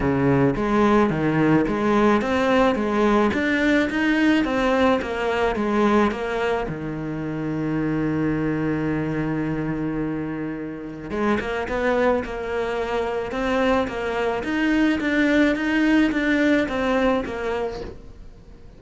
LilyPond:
\new Staff \with { instrumentName = "cello" } { \time 4/4 \tempo 4 = 108 cis4 gis4 dis4 gis4 | c'4 gis4 d'4 dis'4 | c'4 ais4 gis4 ais4 | dis1~ |
dis1 | gis8 ais8 b4 ais2 | c'4 ais4 dis'4 d'4 | dis'4 d'4 c'4 ais4 | }